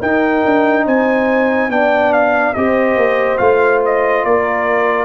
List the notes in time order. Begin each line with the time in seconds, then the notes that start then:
0.00 D#4 A#4 G5
0.45 D4
0.86 C4 C5 G#5
1.69 B3 D4 D5 G5
2.13 F5
2.54 C4 G4 C5 D#5
2.96 A#3
3.38 A3 F4 F5
3.86 D#5
4.25 A#3 A#4 D5